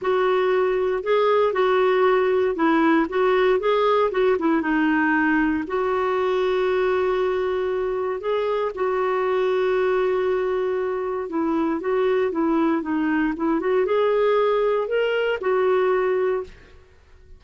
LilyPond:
\new Staff \with { instrumentName = "clarinet" } { \time 4/4 \tempo 4 = 117 fis'2 gis'4 fis'4~ | fis'4 e'4 fis'4 gis'4 | fis'8 e'8 dis'2 fis'4~ | fis'1 |
gis'4 fis'2.~ | fis'2 e'4 fis'4 | e'4 dis'4 e'8 fis'8 gis'4~ | gis'4 ais'4 fis'2 | }